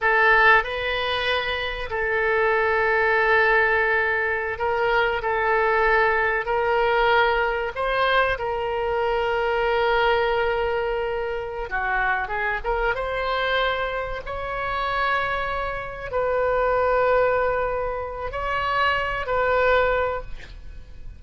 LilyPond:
\new Staff \with { instrumentName = "oboe" } { \time 4/4 \tempo 4 = 95 a'4 b'2 a'4~ | a'2.~ a'16 ais'8.~ | ais'16 a'2 ais'4.~ ais'16~ | ais'16 c''4 ais'2~ ais'8.~ |
ais'2~ ais'8 fis'4 gis'8 | ais'8 c''2 cis''4.~ | cis''4. b'2~ b'8~ | b'4 cis''4. b'4. | }